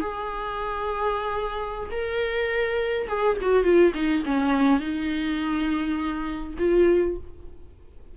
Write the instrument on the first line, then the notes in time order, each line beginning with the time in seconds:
viola
0.00 G#4
1.91 A#4
3.08 G#4
3.42 F#4
3.64 F4
3.94 D#4
4.26 C#4
4.80 D#4
6.59 F4